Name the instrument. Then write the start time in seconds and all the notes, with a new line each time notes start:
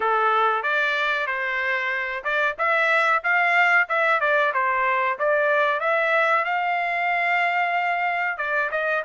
trumpet
0.00 A4
0.62 D5
1.26 C5
2.23 D5
2.58 E5
3.23 F5
3.89 E5
4.20 D5
4.53 C5
5.18 D5
5.80 E5
6.44 F5
8.37 D5
8.71 D#5